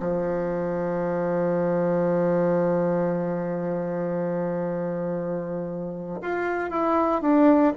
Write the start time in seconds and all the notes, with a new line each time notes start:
0.00 F3
6.21 F4
6.70 E4
7.21 D4